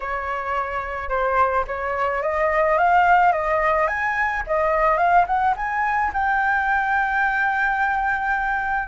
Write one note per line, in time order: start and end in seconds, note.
0.00 1.09 C#5
1.09 1.64 C5
1.67 2.22 C#5
2.22 2.78 D#5
2.78 3.32 F5
3.32 3.87 D#5
3.87 4.43 G#5
4.46 4.97 D#5
4.97 5.25 F5
5.26 5.54 F#5
5.56 6.12 G#5
6.13 8.88 G5